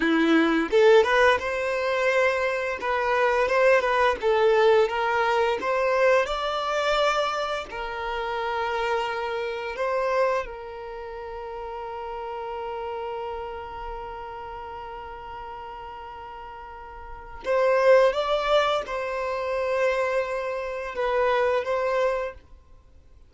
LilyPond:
\new Staff \with { instrumentName = "violin" } { \time 4/4 \tempo 4 = 86 e'4 a'8 b'8 c''2 | b'4 c''8 b'8 a'4 ais'4 | c''4 d''2 ais'4~ | ais'2 c''4 ais'4~ |
ais'1~ | ais'1~ | ais'4 c''4 d''4 c''4~ | c''2 b'4 c''4 | }